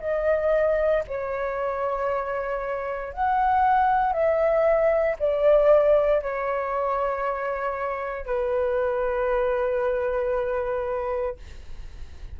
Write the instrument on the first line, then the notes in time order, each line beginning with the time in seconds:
flute
0.00 D#5
1.07 C#5
3.13 F#5
4.12 E5
5.19 D5
6.22 C#5
8.26 B4